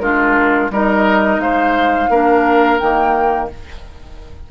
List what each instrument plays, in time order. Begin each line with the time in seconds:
0.00 bassoon G#3, clarinet D4, oboe F4, flute A#4
0.70 bassoon G3, clarinet D#4, oboe A#4, flute D#5
1.39 bassoon G#3, oboe C5, flute F5
2.10 bassoon A#3, clarinet D4, oboe A#4
2.79 bassoon D#3, clarinet A#3, flute G5